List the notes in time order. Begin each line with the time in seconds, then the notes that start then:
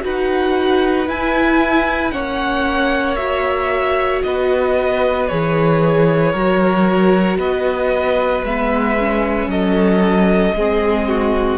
0.00 D#4 F#4 B4 F#5
1.07 E4 G#5
2.11 A#3 C#4 C#5 F#5
3.16 F#4 E5
4.23 B3 B4 D#5
5.28 E3 G#4 C#5
6.32 F#3 F#4 A#4
7.37 B3 B4 D#5
8.43 G#3 B3 E5
8.99 C#4
9.47 F#3 A4 D#5
10.54 G#3 C4 G#4
11.08 F#4